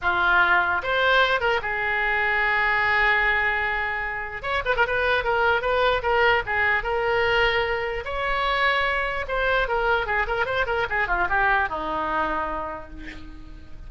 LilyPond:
\new Staff \with { instrumentName = "oboe" } { \time 4/4 \tempo 4 = 149 f'2 c''4. ais'8 | gis'1~ | gis'2. cis''8 b'16 ais'16 | b'4 ais'4 b'4 ais'4 |
gis'4 ais'2. | cis''2. c''4 | ais'4 gis'8 ais'8 c''8 ais'8 gis'8 f'8 | g'4 dis'2. | }